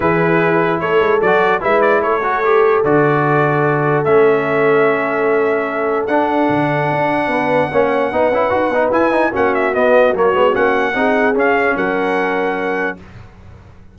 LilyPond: <<
  \new Staff \with { instrumentName = "trumpet" } { \time 4/4 \tempo 4 = 148 b'2 cis''4 d''4 | e''8 d''8 cis''2 d''4~ | d''2 e''2~ | e''2. fis''4~ |
fis''1~ | fis''2 gis''4 fis''8 e''8 | dis''4 cis''4 fis''2 | f''4 fis''2. | }
  \new Staff \with { instrumentName = "horn" } { \time 4/4 gis'2 a'2 | b'4 a'2.~ | a'1~ | a'1~ |
a'2 b'4 cis''4 | b'2. fis'4~ | fis'2. gis'4~ | gis'4 ais'2. | }
  \new Staff \with { instrumentName = "trombone" } { \time 4/4 e'2. fis'4 | e'4. fis'8 g'4 fis'4~ | fis'2 cis'2~ | cis'2. d'4~ |
d'2. cis'4 | dis'8 e'8 fis'8 dis'8 e'8 dis'8 cis'4 | b4 ais8 b8 cis'4 dis'4 | cis'1 | }
  \new Staff \with { instrumentName = "tuba" } { \time 4/4 e2 a8 gis8 fis4 | gis4 a2 d4~ | d2 a2~ | a2. d'4 |
d4 d'4 b4 ais4 | b8 cis'8 dis'8 b8 e'4 ais4 | b4 fis8 gis8 ais4 c'4 | cis'4 fis2. | }
>>